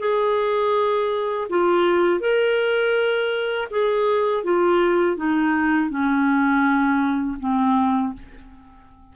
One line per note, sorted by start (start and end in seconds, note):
0.00 1.48 G#4
1.49 2.21 F4
2.21 3.69 A#4
3.71 4.44 G#4
4.44 5.17 F4
5.17 5.90 D#4
5.90 7.38 C#4
7.40 8.14 C4